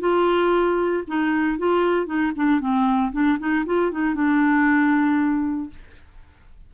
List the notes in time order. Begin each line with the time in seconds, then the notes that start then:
0.00 F4
1.07 D#4
1.58 F4
2.06 D#4
2.36 D4
2.60 C4
3.12 D4
3.39 D#4
3.66 F4
3.91 D#4
4.15 D4